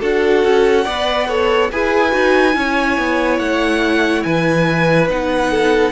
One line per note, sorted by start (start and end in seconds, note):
0.00 0.44 D4
0.00 0.85 F#4
0.00 0.84 A4
0.00 1.72 F#5
0.44 0.86 C#4
0.84 1.72 B3
0.84 1.28 B4
0.84 1.27 D5
1.28 1.70 A4
1.28 1.71 C#5
1.71 2.13 E4
1.71 2.11 G#4
1.71 2.56 B4
1.71 3.39 G#5
2.11 2.55 D#4
2.11 2.53 F#4
2.53 2.98 C#4
2.53 5.06 E4
2.53 4.25 C#5
2.98 3.39 B3
3.39 4.24 A3
3.39 4.23 F#5
4.23 5.10 E3
4.23 5.51 B4
4.23 5.08 G#5
5.08 5.92 B3
5.08 5.92 D#4
5.08 5.92 F#5
5.51 5.92 A4